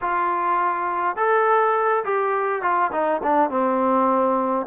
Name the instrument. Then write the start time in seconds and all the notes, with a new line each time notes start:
trombone
0.01 F4
1.16 A4
2.04 G4
2.61 F4
2.92 D#4
3.23 D4
3.50 C4